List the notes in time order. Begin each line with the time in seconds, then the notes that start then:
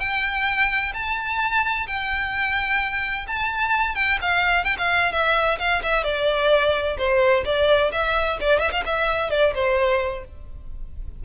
0.00 G5
0.94 A5
1.87 G5
3.28 A5
3.95 G5
4.22 F5
4.65 G5
4.78 F5
5.12 E5
5.59 F5
5.83 E5
6.04 D5
6.98 C5
7.45 D5
7.92 E5
8.41 D5
8.60 E5
8.72 F5
8.86 E5
9.31 D5
9.55 C5